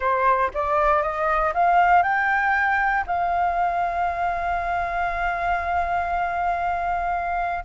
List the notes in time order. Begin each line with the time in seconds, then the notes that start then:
0.00 C5
0.54 D5
1.02 D#5
1.54 F5
2.02 G5
3.06 F5